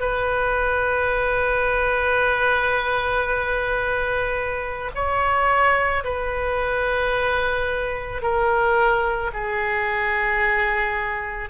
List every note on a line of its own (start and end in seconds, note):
0.00 4.91 B4
4.94 6.03 C#5
6.04 8.22 B4
8.22 9.31 A#4
9.33 11.49 G#4